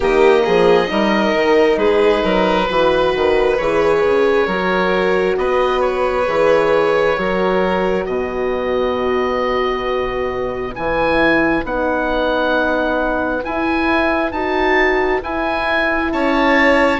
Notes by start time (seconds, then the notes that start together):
0.00 D#3 A#3 G4 D#5
0.44 F3 G#4
0.86 G3 D#4 A#4
1.34 D#3
1.77 G#3 G#4 B4
2.23 F#3 A#4
2.69 E3 F#4 B4
3.14 D#3
3.57 E3 G#4 C#5
4.02 C#3
4.46 F#3 F#4 A#4
5.37 B3 B4 D#5
5.81 C#5
6.26 E3 G#4
7.16 F#3 F#4 A#4
8.05 B2 B4 D#5
10.74 E3 E4 G#5
11.63 B3 D#4 F#5
13.43 E4 G#5
14.31 D#4 F#4 A5
15.22 E4 G#5
16.12 C#4 C#5 A5